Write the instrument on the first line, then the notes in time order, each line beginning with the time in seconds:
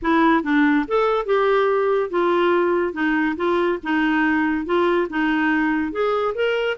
clarinet
0.02 E4
0.43 D4
0.87 A4
1.25 G4
2.09 F4
2.93 D#4
3.36 F4
3.83 D#4
4.65 F4
5.09 D#4
5.92 G#4
6.35 A#4